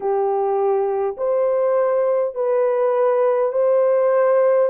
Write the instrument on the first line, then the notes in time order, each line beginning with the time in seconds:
horn
0.00 G4
1.17 C5
2.35 B4
3.52 C5